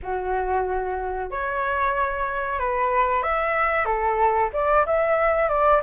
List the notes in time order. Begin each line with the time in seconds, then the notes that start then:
0.03 F#4
1.30 C#5
2.59 B4
3.23 E5
3.85 A4
4.53 D5
4.86 E5
5.48 D5